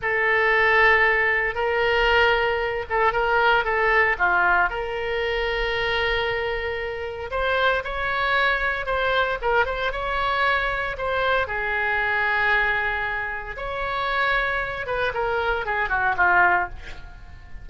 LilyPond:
\new Staff \with { instrumentName = "oboe" } { \time 4/4 \tempo 4 = 115 a'2. ais'4~ | ais'4. a'8 ais'4 a'4 | f'4 ais'2.~ | ais'2 c''4 cis''4~ |
cis''4 c''4 ais'8 c''8 cis''4~ | cis''4 c''4 gis'2~ | gis'2 cis''2~ | cis''8 b'8 ais'4 gis'8 fis'8 f'4 | }